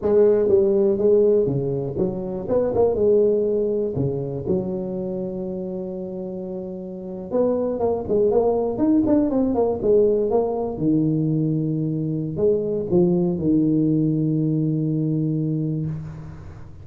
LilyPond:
\new Staff \with { instrumentName = "tuba" } { \time 4/4 \tempo 4 = 121 gis4 g4 gis4 cis4 | fis4 b8 ais8 gis2 | cis4 fis2.~ | fis2~ fis8. b4 ais16~ |
ais16 gis8 ais4 dis'8 d'8 c'8 ais8 gis16~ | gis8. ais4 dis2~ dis16~ | dis4 gis4 f4 dis4~ | dis1 | }